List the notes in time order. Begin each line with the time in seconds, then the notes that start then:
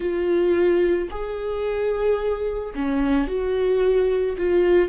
0.00 F4
1.10 G#4
2.74 C#4
3.27 F#4
4.37 F4